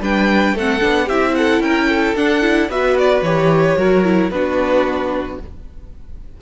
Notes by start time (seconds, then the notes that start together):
0.00 G3 D4 B4 G5
0.53 A3 A4 F#5
0.59 C4
0.81 B3 D4
1.05 C4 E4 G4 E5
1.35 A4 F#5
1.60 C#4 A#4 G5
1.89 A4
2.15 D4 F#5
2.41 E4
2.69 B3 F#4 B4 E5
2.98 D5
3.21 E3 G4 C#5
3.77 F#3 F#4 A#4
4.04 E4
4.30 B3 D4 F#4 B4